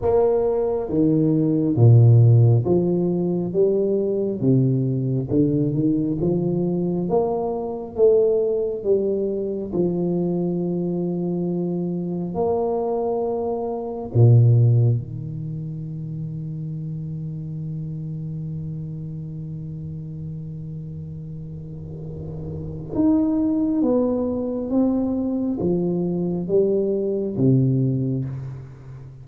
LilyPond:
\new Staff \with { instrumentName = "tuba" } { \time 4/4 \tempo 4 = 68 ais4 dis4 ais,4 f4 | g4 c4 d8 dis8 f4 | ais4 a4 g4 f4~ | f2 ais2 |
ais,4 dis2.~ | dis1~ | dis2 dis'4 b4 | c'4 f4 g4 c4 | }